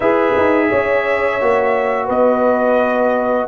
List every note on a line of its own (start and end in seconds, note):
0.00 0.33 E4
0.00 1.40 G#4
0.00 0.68 B4
0.00 2.09 E5
0.36 0.71 D#4
0.69 1.41 C#4
0.69 2.05 C#5
1.40 2.09 A#3
1.40 3.47 F#4
2.05 3.47 B3
2.05 3.45 B4
2.05 3.47 D#5